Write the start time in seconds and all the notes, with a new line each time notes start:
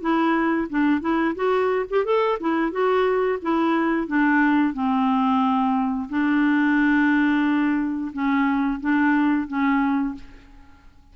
0.00 E4
0.69 D4
1.01 E4
1.35 F#4
1.90 G4
2.04 A4
2.40 E4
2.71 F#4
3.42 E4
4.07 D4
4.73 C4
6.09 D4
8.12 C#4
8.80 D4
9.47 C#4